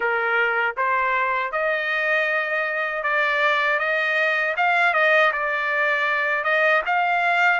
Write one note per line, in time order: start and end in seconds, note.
0.00 0.75 A#4
0.76 1.52 C5
1.52 3.03 D#5
3.03 3.79 D5
3.79 4.55 D#5
4.56 4.93 F5
4.93 5.31 D#5
5.32 6.43 D5
6.43 6.81 D#5
6.86 7.60 F5